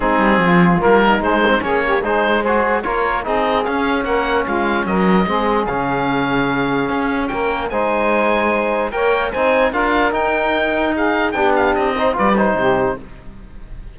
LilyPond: <<
  \new Staff \with { instrumentName = "oboe" } { \time 4/4 \tempo 4 = 148 gis'2 ais'4 c''4 | cis''4 c''4 gis'4 cis''4 | dis''4 f''4 fis''4 f''4 | dis''2 f''2~ |
f''2 g''4 gis''4~ | gis''2 g''4 gis''4 | f''4 g''2 f''4 | g''8 f''8 dis''4 d''8 c''4. | }
  \new Staff \with { instrumentName = "saxophone" } { \time 4/4 dis'4 f'4. dis'4. | gis'8 g'8 gis'4 c''4 ais'4 | gis'2 ais'4 f'4 | ais'4 gis'2.~ |
gis'2 ais'4 c''4~ | c''2 cis''4 c''4 | ais'2. gis'4 | g'4. c''8 b'4 g'4 | }
  \new Staff \with { instrumentName = "trombone" } { \time 4/4 c'2 ais4 gis8 c'8 | cis'4 dis'4 fis'4 f'4 | dis'4 cis'2.~ | cis'4 c'4 cis'2~ |
cis'2. dis'4~ | dis'2 ais'4 dis'4 | f'4 dis'2. | d'4. dis'8 f'8 dis'4. | }
  \new Staff \with { instrumentName = "cello" } { \time 4/4 gis8 g8 f4 g4 gis4 | ais4 gis2 ais4 | c'4 cis'4 ais4 gis4 | fis4 gis4 cis2~ |
cis4 cis'4 ais4 gis4~ | gis2 ais4 c'4 | d'4 dis'2. | b4 c'4 g4 c4 | }
>>